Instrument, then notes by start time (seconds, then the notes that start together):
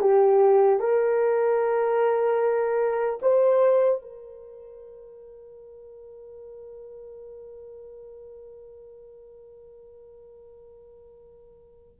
horn
0.00 G4
0.79 A#4
3.22 C5
4.01 A#4